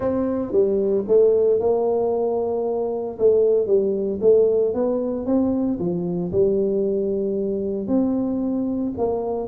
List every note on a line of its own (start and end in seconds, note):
0.00 0.51 C4
0.51 1.04 G3
1.07 1.60 A3
1.60 3.17 A#3
3.18 3.67 A3
3.67 4.19 G3
4.21 4.73 A3
4.73 5.26 B3
5.26 5.78 C4
5.79 6.31 F3
6.32 7.87 G3
7.87 8.92 C4
8.97 9.47 A#3